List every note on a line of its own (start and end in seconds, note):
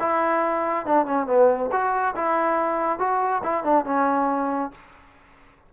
0.00 0.86 E4
0.86 1.06 D4
1.06 1.27 C#4
1.27 1.70 B3
1.72 2.15 F#4
2.16 2.99 E4
2.99 3.42 F#4
3.44 3.64 E4
3.64 3.85 D4
3.85 4.72 C#4